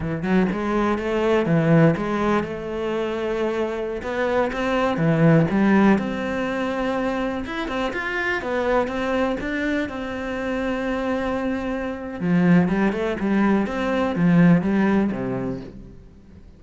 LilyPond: \new Staff \with { instrumentName = "cello" } { \time 4/4 \tempo 4 = 123 e8 fis8 gis4 a4 e4 | gis4 a2.~ | a16 b4 c'4 e4 g8.~ | g16 c'2. e'8 c'16~ |
c'16 f'4 b4 c'4 d'8.~ | d'16 c'2.~ c'8.~ | c'4 f4 g8 a8 g4 | c'4 f4 g4 c4 | }